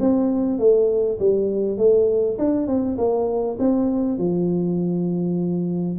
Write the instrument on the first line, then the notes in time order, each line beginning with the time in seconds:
tuba
0.00 C4
0.59 A3
1.19 G3
1.77 A3
2.38 D4
2.67 C4
2.98 A#3
3.59 C4
4.18 F3